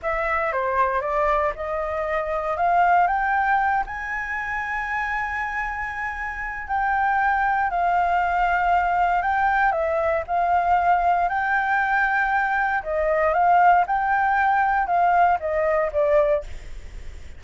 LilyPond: \new Staff \with { instrumentName = "flute" } { \time 4/4 \tempo 4 = 117 e''4 c''4 d''4 dis''4~ | dis''4 f''4 g''4. gis''8~ | gis''1~ | gis''4 g''2 f''4~ |
f''2 g''4 e''4 | f''2 g''2~ | g''4 dis''4 f''4 g''4~ | g''4 f''4 dis''4 d''4 | }